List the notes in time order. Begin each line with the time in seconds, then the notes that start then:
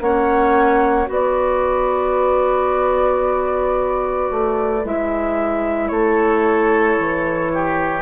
0.00 A#3 C#4 C#5 F#5
1.06 B3 F#4 B4
1.12 D5
4.30 A3
4.84 G#3 E4 E5
5.87 A3 A4 C#5
6.98 E3
7.54 G4